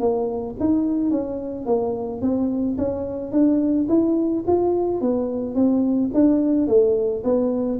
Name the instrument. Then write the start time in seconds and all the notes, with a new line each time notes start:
tuba
0.00 A#3
0.60 D#4
1.11 C#4
1.66 A#3
2.22 C4
2.78 C#4
3.32 D4
3.89 E4
4.47 F4
5.01 B3
5.55 C4
6.14 D4
6.68 A3
7.24 B3